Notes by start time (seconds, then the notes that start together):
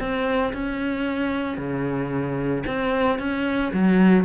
0.00 C4
0.54 C#4
1.58 C#3
2.67 C4
3.19 C#4
3.74 F#3